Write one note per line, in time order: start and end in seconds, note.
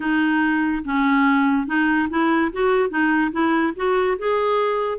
0.00 0.83 D#4
0.84 1.66 C#4
1.66 2.08 D#4
2.09 2.51 E4
2.52 2.89 F#4
2.89 3.31 D#4
3.31 3.73 E4
3.76 4.17 F#4
4.18 4.98 G#4